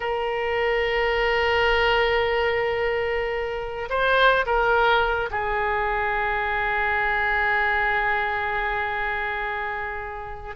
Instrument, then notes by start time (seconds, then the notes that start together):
oboe
0.00 A#4
3.89 C5
4.46 A#4
5.30 G#4